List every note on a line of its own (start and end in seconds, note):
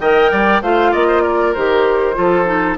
0.00 0.32 D#3
0.00 0.64 A#4
0.00 0.32 D#5
0.00 0.62 G5
0.32 0.62 G3
0.32 0.63 D5
0.62 0.93 A3
0.62 1.56 F4
0.62 0.92 C5
0.62 0.94 F5
0.92 1.56 A#3
0.92 1.07 D5
0.92 1.23 D#5
1.08 1.23 C5
1.23 2.16 A#4
1.23 1.54 D5
1.54 2.18 D#3
1.54 2.15 G4
1.54 2.78 C5
2.15 2.79 F3
2.15 2.46 F4
2.15 2.79 A4
2.46 2.77 D#4